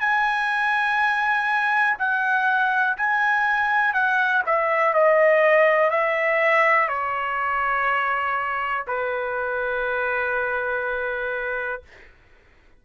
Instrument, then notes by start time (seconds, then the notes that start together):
trumpet
0.00 G#5
1.98 F#5
2.97 G#5
3.93 F#5
4.46 E5
4.93 D#5
5.90 E5
6.88 C#5
8.87 B4